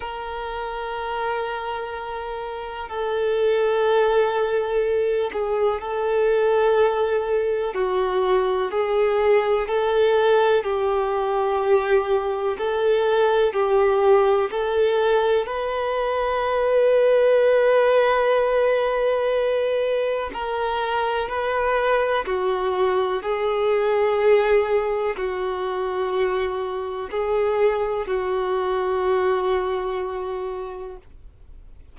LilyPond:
\new Staff \with { instrumentName = "violin" } { \time 4/4 \tempo 4 = 62 ais'2. a'4~ | a'4. gis'8 a'2 | fis'4 gis'4 a'4 g'4~ | g'4 a'4 g'4 a'4 |
b'1~ | b'4 ais'4 b'4 fis'4 | gis'2 fis'2 | gis'4 fis'2. | }